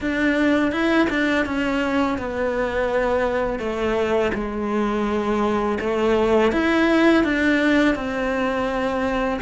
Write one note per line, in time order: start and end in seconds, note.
0.00 0.71 D4
0.71 1.07 E4
1.09 1.45 D4
1.45 2.18 C#4
2.18 3.59 B3
3.59 4.31 A3
4.34 5.78 G#3
5.80 6.52 A3
6.52 7.24 E4
7.24 7.95 D4
7.95 9.39 C4